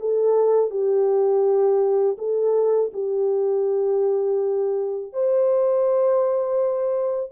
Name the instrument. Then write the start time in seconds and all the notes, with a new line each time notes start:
horn
0.00 A4
0.71 G4
2.19 A4
2.93 G4
5.13 C5